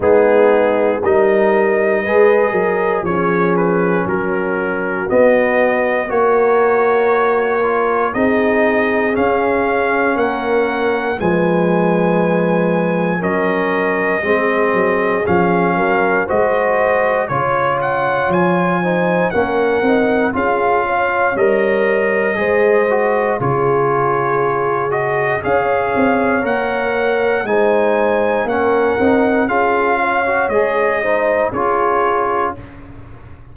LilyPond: <<
  \new Staff \with { instrumentName = "trumpet" } { \time 4/4 \tempo 4 = 59 gis'4 dis''2 cis''8 b'8 | ais'4 dis''4 cis''2 | dis''4 f''4 fis''4 gis''4~ | gis''4 dis''2 f''4 |
dis''4 cis''8 fis''8 gis''4 fis''4 | f''4 dis''2 cis''4~ | cis''8 dis''8 f''4 fis''4 gis''4 | fis''4 f''4 dis''4 cis''4 | }
  \new Staff \with { instrumentName = "horn" } { \time 4/4 dis'4 ais'4 b'8 ais'8 gis'4 | fis'2 ais'2 | gis'2 ais'4 b'4~ | b'4 ais'4 gis'4. ais'8 |
c''4 cis''4. c''8 ais'4 | gis'8 cis''4. c''4 gis'4~ | gis'4 cis''2 c''4 | ais'4 gis'8 cis''4 c''8 gis'4 | }
  \new Staff \with { instrumentName = "trombone" } { \time 4/4 b4 dis'4 gis'4 cis'4~ | cis'4 b4 fis'4. f'8 | dis'4 cis'2 gis4~ | gis4 cis'4 c'4 cis'4 |
fis'4 f'4. dis'8 cis'8 dis'8 | f'4 ais'4 gis'8 fis'8 f'4~ | f'8 fis'8 gis'4 ais'4 dis'4 | cis'8 dis'8 f'8. fis'16 gis'8 dis'8 f'4 | }
  \new Staff \with { instrumentName = "tuba" } { \time 4/4 gis4 g4 gis8 fis8 f4 | fis4 b4 ais2 | c'4 cis'4 ais4 f4~ | f4 fis4 gis8 fis8 f8 fis8 |
gis4 cis4 f4 ais8 c'8 | cis'4 g4 gis4 cis4~ | cis4 cis'8 c'8 ais4 gis4 | ais8 c'8 cis'4 gis4 cis'4 | }
>>